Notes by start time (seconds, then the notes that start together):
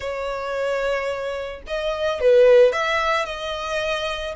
0.00 C#5
1.67 D#5
2.20 B4
2.72 E5
3.25 D#5